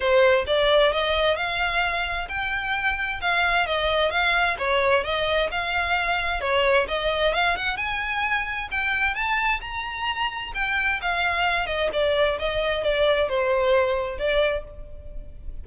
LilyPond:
\new Staff \with { instrumentName = "violin" } { \time 4/4 \tempo 4 = 131 c''4 d''4 dis''4 f''4~ | f''4 g''2 f''4 | dis''4 f''4 cis''4 dis''4 | f''2 cis''4 dis''4 |
f''8 fis''8 gis''2 g''4 | a''4 ais''2 g''4 | f''4. dis''8 d''4 dis''4 | d''4 c''2 d''4 | }